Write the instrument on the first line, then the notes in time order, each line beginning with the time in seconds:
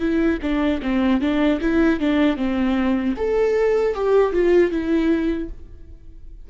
viola
0.00 E4
0.42 D4
0.82 C4
1.21 D4
1.61 E4
2.00 D4
2.37 C4
3.17 A4
3.95 G4
4.33 F4
4.71 E4